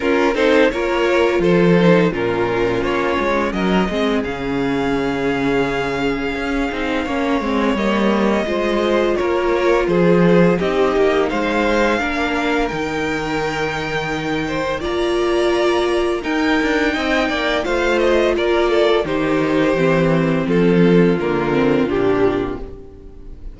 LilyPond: <<
  \new Staff \with { instrumentName = "violin" } { \time 4/4 \tempo 4 = 85 ais'8 c''8 cis''4 c''4 ais'4 | cis''4 dis''4 f''2~ | f''2. dis''4~ | dis''4 cis''4 c''4 dis''4 |
f''2 g''2~ | g''4 ais''2 g''4~ | g''4 f''8 dis''8 d''4 c''4~ | c''4 a'4 ais'4 g'4 | }
  \new Staff \with { instrumentName = "violin" } { \time 4/4 f'8 a'8 ais'4 a'4 f'4~ | f'4 ais'8 gis'2~ gis'8~ | gis'2 cis''2 | c''4 ais'4 gis'4 g'4 |
c''4 ais'2.~ | ais'8 c''8 d''2 ais'4 | dis''8 d''8 c''4 ais'8 a'8 g'4~ | g'4 f'2. | }
  \new Staff \with { instrumentName = "viola" } { \time 4/4 cis'8 dis'8 f'4. dis'8 cis'4~ | cis'4. c'8 cis'2~ | cis'4. dis'8 cis'8 c'8 ais4 | f'2. dis'4~ |
dis'4 d'4 dis'2~ | dis'4 f'2 dis'4~ | dis'4 f'2 dis'4 | c'2 ais8 c'8 d'4 | }
  \new Staff \with { instrumentName = "cello" } { \time 4/4 cis'8 c'8 ais4 f4 ais,4 | ais8 gis8 fis8 gis8 cis2~ | cis4 cis'8 c'8 ais8 gis8 g4 | gis4 ais4 f4 c'8 ais8 |
gis4 ais4 dis2~ | dis4 ais2 dis'8 d'8 | c'8 ais8 a4 ais4 dis4 | e4 f4 d4 ais,4 | }
>>